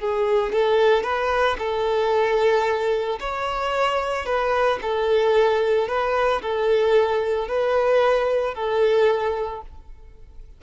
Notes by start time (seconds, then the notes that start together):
0.00 G#4
0.53 A4
1.04 B4
1.59 A4
3.20 C#5
4.26 B4
4.82 A4
5.89 B4
6.43 A4
7.48 B4
8.55 A4